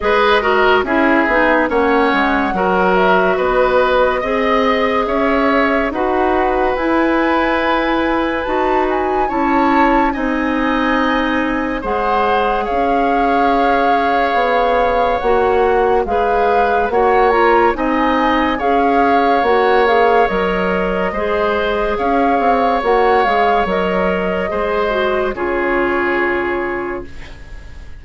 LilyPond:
<<
  \new Staff \with { instrumentName = "flute" } { \time 4/4 \tempo 4 = 71 dis''4 e''4 fis''4. e''8 | dis''2 e''4 fis''4 | gis''2 a''8 gis''8 a''4 | gis''2 fis''4 f''4~ |
f''2 fis''4 f''4 | fis''8 ais''8 gis''4 f''4 fis''8 f''8 | dis''2 f''4 fis''8 f''8 | dis''2 cis''2 | }
  \new Staff \with { instrumentName = "oboe" } { \time 4/4 b'8 ais'8 gis'4 cis''4 ais'4 | b'4 dis''4 cis''4 b'4~ | b'2. cis''4 | dis''2 c''4 cis''4~ |
cis''2. b'4 | cis''4 dis''4 cis''2~ | cis''4 c''4 cis''2~ | cis''4 c''4 gis'2 | }
  \new Staff \with { instrumentName = "clarinet" } { \time 4/4 gis'8 fis'8 e'8 dis'8 cis'4 fis'4~ | fis'4 gis'2 fis'4 | e'2 fis'4 e'4 | dis'2 gis'2~ |
gis'2 fis'4 gis'4 | fis'8 f'8 dis'4 gis'4 fis'8 gis'8 | ais'4 gis'2 fis'8 gis'8 | ais'4 gis'8 fis'8 f'2 | }
  \new Staff \with { instrumentName = "bassoon" } { \time 4/4 gis4 cis'8 b8 ais8 gis8 fis4 | b4 c'4 cis'4 dis'4 | e'2 dis'4 cis'4 | c'2 gis4 cis'4~ |
cis'4 b4 ais4 gis4 | ais4 c'4 cis'4 ais4 | fis4 gis4 cis'8 c'8 ais8 gis8 | fis4 gis4 cis2 | }
>>